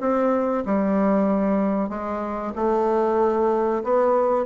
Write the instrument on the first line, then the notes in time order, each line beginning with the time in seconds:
bassoon
0.00 C4
0.65 G3
1.89 G#3
2.55 A3
3.84 B3